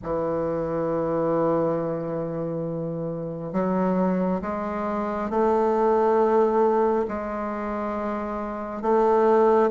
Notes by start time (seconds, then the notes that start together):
0.02 E3
3.53 F#3
4.41 G#3
5.29 A3
7.08 G#3
8.82 A3